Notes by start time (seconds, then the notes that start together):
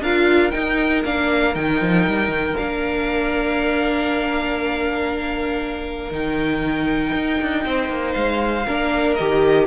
0.00 D4 F4 A#4 F5
0.51 D#4 G5
1.04 A#3 D4 F5
1.54 D#3 D#4 G5
1.81 F3
2.07 G3
2.28 D#3
2.56 A#3 D4 F5
6.11 D#3 D#4 G5
7.14 D#4
7.41 D4
7.65 C4 C5
7.89 A#3
8.13 G#3 F5
8.66 A#3 D4 A#4
9.15 D#3 G4 D#5